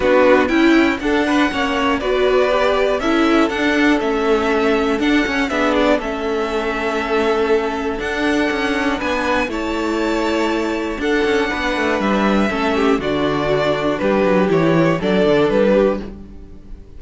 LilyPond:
<<
  \new Staff \with { instrumentName = "violin" } { \time 4/4 \tempo 4 = 120 b'4 g''4 fis''2 | d''2 e''4 fis''4 | e''2 fis''4 e''8 d''8 | e''1 |
fis''2 gis''4 a''4~ | a''2 fis''2 | e''2 d''2 | b'4 cis''4 d''4 b'4 | }
  \new Staff \with { instrumentName = "violin" } { \time 4/4 fis'4 e'4 a'8 b'8 cis''4 | b'2 a'2~ | a'2. gis'4 | a'1~ |
a'2 b'4 cis''4~ | cis''2 a'4 b'4~ | b'4 a'8 g'8 fis'2 | g'2 a'4. g'8 | }
  \new Staff \with { instrumentName = "viola" } { \time 4/4 d'4 e'4 d'4 cis'4 | fis'4 g'4 e'4 d'4 | cis'2 d'8 cis'8 d'4 | cis'1 |
d'2. e'4~ | e'2 d'2~ | d'4 cis'4 d'2~ | d'4 e'4 d'2 | }
  \new Staff \with { instrumentName = "cello" } { \time 4/4 b4 cis'4 d'4 ais4 | b2 cis'4 d'4 | a2 d'8 cis'8 b4 | a1 |
d'4 cis'4 b4 a4~ | a2 d'8 cis'8 b8 a8 | g4 a4 d2 | g8 fis8 e4 fis8 d8 g4 | }
>>